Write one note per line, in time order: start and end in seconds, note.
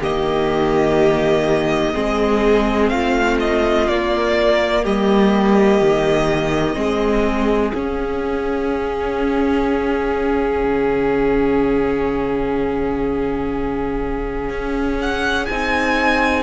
0.00 1.94 D#3
0.00 1.94 A#3
0.00 1.94 G4
0.00 2.88 D#5
1.94 2.91 G#3
1.94 3.87 C4
1.94 2.91 G#4
2.88 3.88 A3
2.88 4.82 F4
2.88 3.37 F5
3.40 3.88 D#5
3.88 4.85 A#3
3.88 6.74 A#3
3.88 4.84 D5
4.82 5.81 G3
4.82 6.76 G4
4.82 7.72 D#5
5.81 6.75 D#3
6.74 7.72 G#3
6.74 7.71 C4
6.74 16.43 G#4
7.72 10.64 C#4
7.72 15.49 C#4
7.72 14.98 F5
10.64 14.50 C#3
14.50 15.47 C#4
15.01 15.46 F#5
15.46 16.43 C4
15.46 16.43 D#4
15.46 16.42 G#5